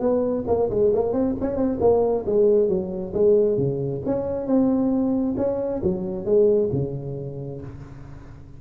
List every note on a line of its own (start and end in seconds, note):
0.00 0.44 B3
0.47 0.69 A#3
0.70 0.92 G#3
0.94 1.13 A#3
1.13 1.35 C4
1.41 1.56 C#4
1.56 1.79 C4
1.80 2.25 A#3
2.26 2.68 G#3
2.68 3.13 F#3
3.14 3.58 G#3
3.58 4.02 C#3
4.06 4.46 C#4
4.46 5.35 C4
5.37 5.81 C#4
5.83 6.25 F#3
6.25 6.69 G#3
6.72 7.61 C#3